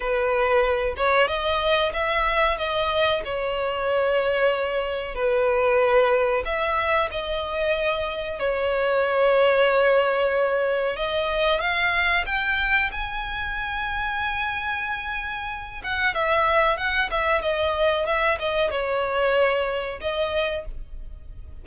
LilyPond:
\new Staff \with { instrumentName = "violin" } { \time 4/4 \tempo 4 = 93 b'4. cis''8 dis''4 e''4 | dis''4 cis''2. | b'2 e''4 dis''4~ | dis''4 cis''2.~ |
cis''4 dis''4 f''4 g''4 | gis''1~ | gis''8 fis''8 e''4 fis''8 e''8 dis''4 | e''8 dis''8 cis''2 dis''4 | }